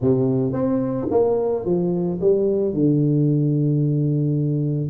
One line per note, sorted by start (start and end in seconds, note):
0.01 0.53 C3
0.53 1.07 C4
1.11 1.65 A#3
1.65 2.19 F3
2.20 2.73 G3
2.73 4.90 D3